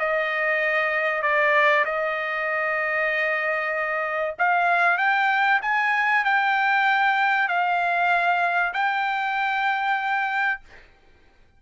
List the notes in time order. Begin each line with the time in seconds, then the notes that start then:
0.00 D#5
1.23 D5
1.86 D#5
4.39 F5
4.99 G5
5.62 G#5
6.25 G5
7.49 F5
8.74 G5